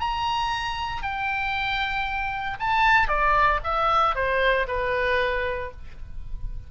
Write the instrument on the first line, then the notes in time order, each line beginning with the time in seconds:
oboe
0.00 A#5
1.03 G5
2.60 A5
3.08 D5
3.63 E5
4.15 C5
4.68 B4